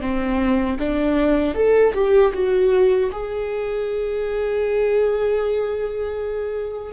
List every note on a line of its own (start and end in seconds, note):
0.00 0.77 C4
0.79 1.54 D4
1.54 1.93 A4
1.94 2.32 G4
2.33 3.10 F#4
3.12 6.92 G#4